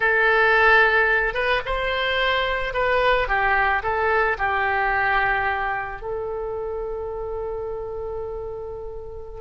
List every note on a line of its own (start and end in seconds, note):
0.00 1.34 A4
1.34 1.61 B4
1.65 2.73 C5
2.73 3.28 B4
3.28 3.82 G4
3.82 4.37 A4
4.38 6.01 G4
6.01 9.41 A4